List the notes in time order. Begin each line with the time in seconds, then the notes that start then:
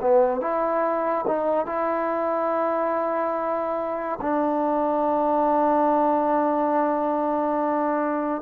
0.00 B3
0.40 E4
1.27 D#4
1.66 E4
4.21 D4